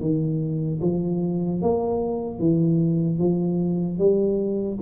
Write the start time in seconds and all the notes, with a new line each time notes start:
0.00 D#3
0.81 F3
1.61 A#3
2.39 E3
3.19 F3
3.98 G3